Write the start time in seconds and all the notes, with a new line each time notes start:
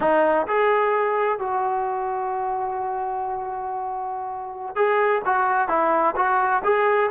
0.00 D#4
0.47 G#4
1.38 F#4
4.75 G#4
5.25 F#4
5.68 E4
6.15 F#4
6.63 G#4